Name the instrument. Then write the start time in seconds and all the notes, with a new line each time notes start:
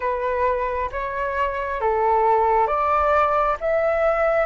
flute
0.00 B4
0.91 C#5
1.80 A4
2.67 D5
3.60 E5